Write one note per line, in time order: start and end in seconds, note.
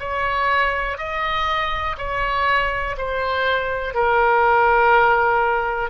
0.00 0.98 C#5
0.98 1.97 D#5
1.98 2.96 C#5
2.98 3.95 C5
3.95 5.91 A#4